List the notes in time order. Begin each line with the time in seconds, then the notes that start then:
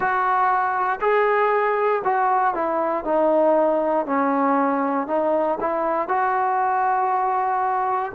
0.00 F#4
1.00 G#4
2.04 F#4
2.54 E4
3.04 D#4
4.05 C#4
5.07 D#4
5.60 E4
6.08 F#4